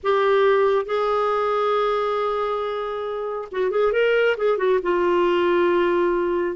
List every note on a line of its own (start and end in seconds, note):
0.03 0.85 G4
0.85 3.48 G#4
3.51 3.70 F#4
3.70 3.92 G#4
3.92 4.36 A#4
4.37 4.57 G#4
4.57 4.79 F#4
4.82 6.56 F4